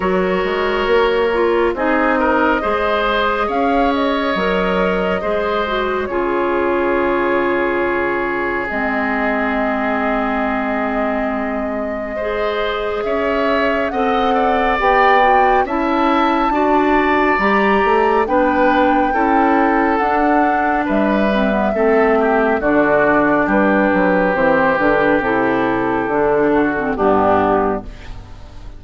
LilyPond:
<<
  \new Staff \with { instrumentName = "flute" } { \time 4/4 \tempo 4 = 69 cis''2 dis''2 | f''8 dis''2~ dis''8 cis''4~ | cis''2 dis''2~ | dis''2. e''4 |
fis''4 g''4 a''2 | ais''4 g''2 fis''4 | e''2 d''4 b'4 | c''8 b'8 a'2 g'4 | }
  \new Staff \with { instrumentName = "oboe" } { \time 4/4 ais'2 gis'8 ais'8 c''4 | cis''2 c''4 gis'4~ | gis'1~ | gis'2 c''4 cis''4 |
dis''8 d''4. e''4 d''4~ | d''4 b'4 a'2 | b'4 a'8 g'8 fis'4 g'4~ | g'2~ g'8 fis'8 d'4 | }
  \new Staff \with { instrumentName = "clarinet" } { \time 4/4 fis'4. f'8 dis'4 gis'4~ | gis'4 ais'4 gis'8 fis'8 f'4~ | f'2 c'2~ | c'2 gis'2 |
a'4 g'8 fis'8 e'4 fis'4 | g'4 d'4 e'4 d'4~ | d'8 c'16 b16 c'4 d'2 | c'8 d'8 e'4 d'8. c'16 b4 | }
  \new Staff \with { instrumentName = "bassoon" } { \time 4/4 fis8 gis8 ais4 c'4 gis4 | cis'4 fis4 gis4 cis4~ | cis2 gis2~ | gis2. cis'4 |
c'4 b4 cis'4 d'4 | g8 a8 b4 cis'4 d'4 | g4 a4 d4 g8 fis8 | e8 d8 c4 d4 g,4 | }
>>